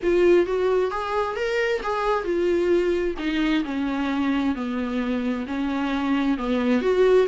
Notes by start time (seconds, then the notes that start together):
0.02 F4
0.45 F#4
0.90 G#4
1.36 A#4
1.82 G#4
2.24 F4
3.18 D#4
3.64 C#4
4.55 B3
5.46 C#4
6.37 B3
6.81 F#4